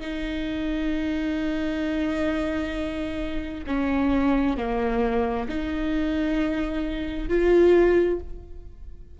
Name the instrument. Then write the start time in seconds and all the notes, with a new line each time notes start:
viola
0.00 D#4
3.66 C#4
4.57 A#3
5.48 D#4
7.29 F4